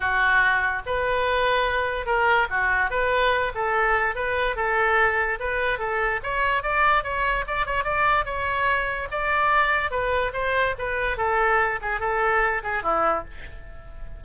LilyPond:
\new Staff \with { instrumentName = "oboe" } { \time 4/4 \tempo 4 = 145 fis'2 b'2~ | b'4 ais'4 fis'4 b'4~ | b'8 a'4. b'4 a'4~ | a'4 b'4 a'4 cis''4 |
d''4 cis''4 d''8 cis''8 d''4 | cis''2 d''2 | b'4 c''4 b'4 a'4~ | a'8 gis'8 a'4. gis'8 e'4 | }